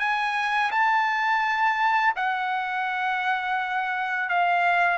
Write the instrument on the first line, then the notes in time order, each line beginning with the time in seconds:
trumpet
0.00 G#5
0.71 A5
2.17 F#5
4.30 F5